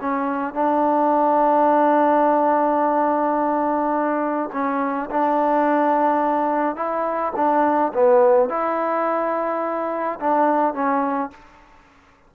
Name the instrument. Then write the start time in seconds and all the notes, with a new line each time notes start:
trombone
0.00 C#4
0.54 D4
4.52 C#4
5.10 D4
6.76 E4
7.36 D4
7.93 B3
8.49 E4
10.20 D4
10.73 C#4